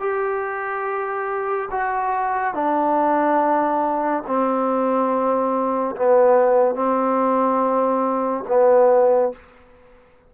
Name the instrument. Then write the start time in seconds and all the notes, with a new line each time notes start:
trombone
0.00 G4
1.71 F#4
2.55 D4
4.27 C4
5.96 B3
6.75 C4
8.48 B3